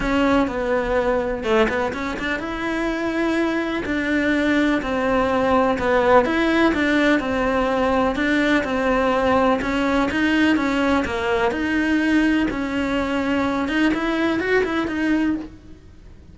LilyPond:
\new Staff \with { instrumentName = "cello" } { \time 4/4 \tempo 4 = 125 cis'4 b2 a8 b8 | cis'8 d'8 e'2. | d'2 c'2 | b4 e'4 d'4 c'4~ |
c'4 d'4 c'2 | cis'4 dis'4 cis'4 ais4 | dis'2 cis'2~ | cis'8 dis'8 e'4 fis'8 e'8 dis'4 | }